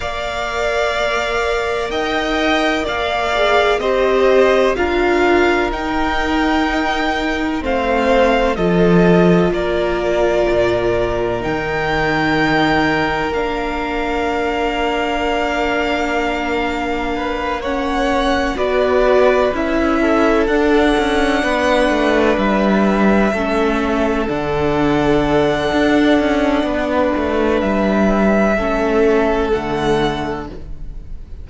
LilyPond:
<<
  \new Staff \with { instrumentName = "violin" } { \time 4/4 \tempo 4 = 63 f''2 g''4 f''4 | dis''4 f''4 g''2 | f''4 dis''4 d''2 | g''2 f''2~ |
f''2~ f''8 fis''4 d''8~ | d''8 e''4 fis''2 e''8~ | e''4. fis''2~ fis''8~ | fis''4 e''2 fis''4 | }
  \new Staff \with { instrumentName = "violin" } { \time 4/4 d''2 dis''4 d''4 | c''4 ais'2. | c''4 a'4 ais'2~ | ais'1~ |
ais'2 b'8 cis''4 b'8~ | b'4 a'4. b'4.~ | b'8 a'2.~ a'8 | b'2 a'2 | }
  \new Staff \with { instrumentName = "viola" } { \time 4/4 ais'2.~ ais'8 gis'8 | g'4 f'4 dis'2 | c'4 f'2. | dis'2 d'2~ |
d'2~ d'8 cis'4 fis'8~ | fis'8 e'4 d'2~ d'8~ | d'8 cis'4 d'2~ d'8~ | d'2 cis'4 a4 | }
  \new Staff \with { instrumentName = "cello" } { \time 4/4 ais2 dis'4 ais4 | c'4 d'4 dis'2 | a4 f4 ais4 ais,4 | dis2 ais2~ |
ais2.~ ais8 b8~ | b8 cis'4 d'8 cis'8 b8 a8 g8~ | g8 a4 d4. d'8 cis'8 | b8 a8 g4 a4 d4 | }
>>